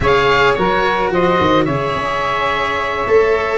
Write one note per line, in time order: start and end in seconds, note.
0.00 0.54 C#3
0.00 0.56 G#4
0.00 0.57 C#5
0.00 0.53 F5
0.53 1.10 F#3
0.53 1.67 F#4
0.53 1.12 A#4
0.53 1.09 C#5
1.10 1.38 F3
1.10 1.64 C5
1.10 1.64 D#5
1.40 1.67 D#3
1.64 1.95 C#3
1.64 3.06 G#4
1.64 3.57 C#5
1.64 3.57 E5
1.95 3.06 C#4
3.06 3.57 A3
3.06 3.57 A4